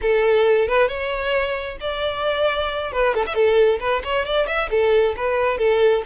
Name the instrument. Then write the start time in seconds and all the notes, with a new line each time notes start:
violin
0.01 A4
0.68 B4
0.88 C#5
1.80 D5
2.92 B4
3.14 A4
3.26 E5
3.34 A4
3.80 B4
4.04 C#5
4.25 D5
4.46 E5
4.70 A4
5.16 B4
5.58 A4